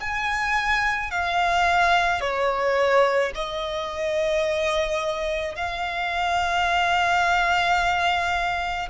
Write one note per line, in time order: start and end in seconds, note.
0.00 1.11 G#5
1.11 2.21 F5
2.21 3.32 C#5
3.35 5.56 D#5
5.56 8.89 F5